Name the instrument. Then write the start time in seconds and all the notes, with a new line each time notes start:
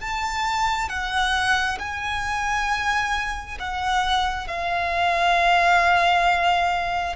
violin
0.00 A5
0.89 F#5
1.79 G#5
3.59 F#5
4.47 F5